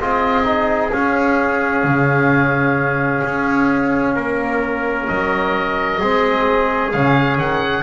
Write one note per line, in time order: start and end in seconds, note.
0.00 0.92 C4
0.00 0.44 F4
0.00 4.15 G#4
0.00 0.92 D#5
0.44 0.90 D#4
0.92 6.00 C#4
0.92 1.84 C#4
0.92 5.08 F5
1.84 3.22 C#3
3.24 4.16 C#4
4.15 5.09 A#3
4.15 5.99 A#4
5.08 6.02 F#3
5.08 6.92 D#5
5.99 6.94 G#3
5.99 6.93 C4
5.99 7.83 G#4
6.92 7.38 C#3
6.92 7.83 C#4
6.92 7.38 F5
7.38 7.83 D#3
7.38 7.83 F#5